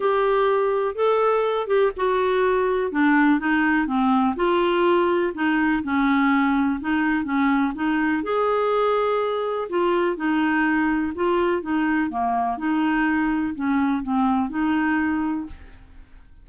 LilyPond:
\new Staff \with { instrumentName = "clarinet" } { \time 4/4 \tempo 4 = 124 g'2 a'4. g'8 | fis'2 d'4 dis'4 | c'4 f'2 dis'4 | cis'2 dis'4 cis'4 |
dis'4 gis'2. | f'4 dis'2 f'4 | dis'4 ais4 dis'2 | cis'4 c'4 dis'2 | }